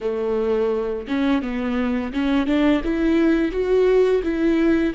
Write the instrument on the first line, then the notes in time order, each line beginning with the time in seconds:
viola
0.01 A3
1.07 C#4
1.41 B3
2.12 C#4
2.46 D4
2.84 E4
3.51 F#4
4.23 E4